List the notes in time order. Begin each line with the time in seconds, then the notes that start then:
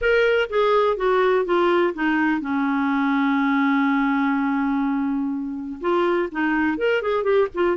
0.01 A#4
0.49 G#4
0.96 F#4
1.45 F4
1.94 D#4
2.40 C#4
5.81 F4
6.31 D#4
6.77 A#4
7.01 G#4
7.23 G4
7.54 F4